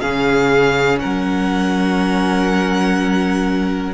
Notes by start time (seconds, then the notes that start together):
0.00 C#3 C#4 G#4 F5
1.00 F#3 A#4 F#5